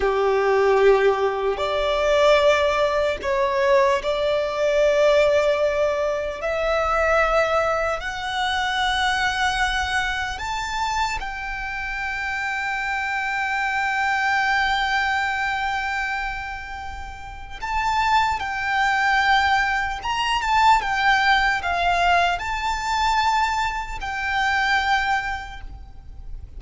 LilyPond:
\new Staff \with { instrumentName = "violin" } { \time 4/4 \tempo 4 = 75 g'2 d''2 | cis''4 d''2. | e''2 fis''2~ | fis''4 a''4 g''2~ |
g''1~ | g''2 a''4 g''4~ | g''4 ais''8 a''8 g''4 f''4 | a''2 g''2 | }